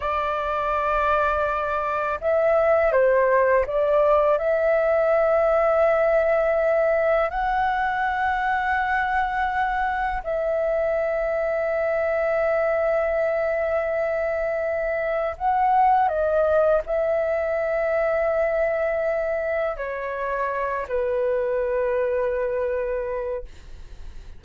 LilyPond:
\new Staff \with { instrumentName = "flute" } { \time 4/4 \tempo 4 = 82 d''2. e''4 | c''4 d''4 e''2~ | e''2 fis''2~ | fis''2 e''2~ |
e''1~ | e''4 fis''4 dis''4 e''4~ | e''2. cis''4~ | cis''8 b'2.~ b'8 | }